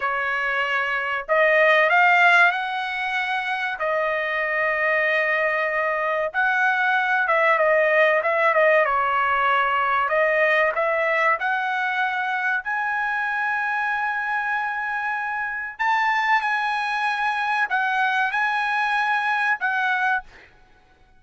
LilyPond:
\new Staff \with { instrumentName = "trumpet" } { \time 4/4 \tempo 4 = 95 cis''2 dis''4 f''4 | fis''2 dis''2~ | dis''2 fis''4. e''8 | dis''4 e''8 dis''8 cis''2 |
dis''4 e''4 fis''2 | gis''1~ | gis''4 a''4 gis''2 | fis''4 gis''2 fis''4 | }